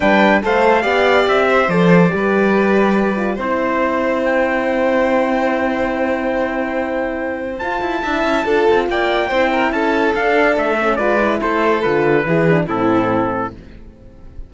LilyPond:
<<
  \new Staff \with { instrumentName = "trumpet" } { \time 4/4 \tempo 4 = 142 g''4 f''2 e''4 | d''1 | c''2 g''2~ | g''1~ |
g''2 a''2~ | a''4 g''2 a''4 | f''4 e''4 d''4 c''4 | b'2 a'2 | }
  \new Staff \with { instrumentName = "violin" } { \time 4/4 b'4 c''4 d''4. c''8~ | c''4 b'2. | c''1~ | c''1~ |
c''2. e''4 | a'4 d''4 c''8 ais'8 a'4~ | a'2 b'4 a'4~ | a'4 gis'4 e'2 | }
  \new Staff \with { instrumentName = "horn" } { \time 4/4 d'4 a'4 g'2 | a'4 g'2~ g'8 f'8 | e'1~ | e'1~ |
e'2 f'4 e'4 | f'2 e'2 | d'4. cis'8 f'8 e'4. | f'4 e'8 d'8 c'2 | }
  \new Staff \with { instrumentName = "cello" } { \time 4/4 g4 a4 b4 c'4 | f4 g2. | c'1~ | c'1~ |
c'2 f'8 e'8 d'8 cis'8 | d'8 c'8 ais4 c'4 cis'4 | d'4 a4 gis4 a4 | d4 e4 a,2 | }
>>